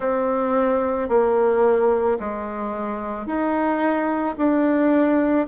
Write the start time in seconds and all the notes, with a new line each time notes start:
0.00 C4
1.09 A#3
2.19 G#3
3.26 D#4
4.37 D4